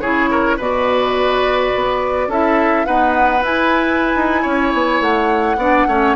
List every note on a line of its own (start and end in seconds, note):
0.00 0.57 C#3
0.00 0.59 E4
0.00 0.29 G#4
0.00 0.57 C#5
0.30 0.57 A#4
0.57 1.72 B2
0.57 2.30 F#4
0.57 2.28 B4
0.57 2.32 D5
1.75 2.27 B3
2.27 2.85 C#4
2.27 2.87 E4
2.27 2.86 A4
2.27 2.85 E5
2.85 3.43 B3
2.85 3.42 D#4
2.85 4.42 B4
2.85 3.42 F#5
3.42 4.13 E4
3.42 5.57 E4
3.42 5.01 G#5
4.15 4.44 D#4
4.42 4.73 C#4
4.42 5.56 C#5
4.73 5.00 B3
5.00 5.56 A3
5.00 6.16 F#5
5.56 5.85 B3
5.56 5.88 D4
5.56 5.87 D5
5.86 6.15 A3
5.86 6.16 C#4
5.86 6.16 C#5